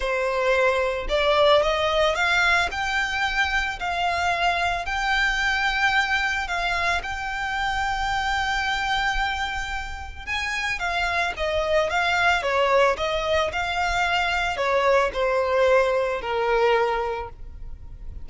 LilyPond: \new Staff \with { instrumentName = "violin" } { \time 4/4 \tempo 4 = 111 c''2 d''4 dis''4 | f''4 g''2 f''4~ | f''4 g''2. | f''4 g''2.~ |
g''2. gis''4 | f''4 dis''4 f''4 cis''4 | dis''4 f''2 cis''4 | c''2 ais'2 | }